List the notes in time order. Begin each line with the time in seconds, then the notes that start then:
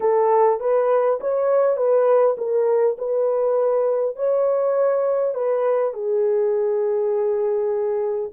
0.00 A4
0.60 B4
1.20 C#5
1.76 B4
2.37 A#4
2.97 B4
4.16 C#5
5.34 B4
5.93 G#4